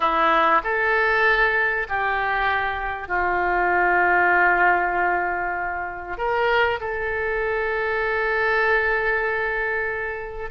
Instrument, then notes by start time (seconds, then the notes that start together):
oboe
0.00 E4
0.63 A4
1.88 G4
3.08 F4
6.17 A#4
6.80 A4